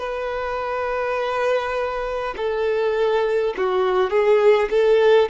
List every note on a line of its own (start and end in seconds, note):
0.00 2.35 B4
2.37 3.55 A4
3.57 4.10 F#4
4.10 4.69 G#4
4.71 5.29 A4